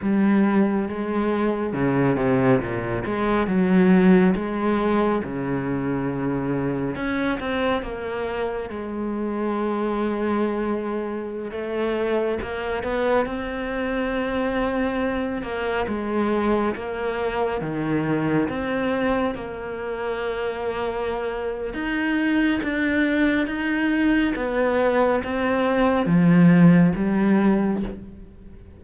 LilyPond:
\new Staff \with { instrumentName = "cello" } { \time 4/4 \tempo 4 = 69 g4 gis4 cis8 c8 ais,8 gis8 | fis4 gis4 cis2 | cis'8 c'8 ais4 gis2~ | gis4~ gis16 a4 ais8 b8 c'8.~ |
c'4.~ c'16 ais8 gis4 ais8.~ | ais16 dis4 c'4 ais4.~ ais16~ | ais4 dis'4 d'4 dis'4 | b4 c'4 f4 g4 | }